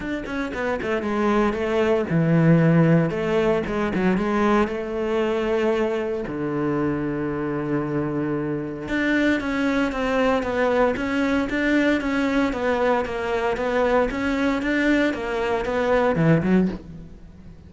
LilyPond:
\new Staff \with { instrumentName = "cello" } { \time 4/4 \tempo 4 = 115 d'8 cis'8 b8 a8 gis4 a4 | e2 a4 gis8 fis8 | gis4 a2. | d1~ |
d4 d'4 cis'4 c'4 | b4 cis'4 d'4 cis'4 | b4 ais4 b4 cis'4 | d'4 ais4 b4 e8 fis8 | }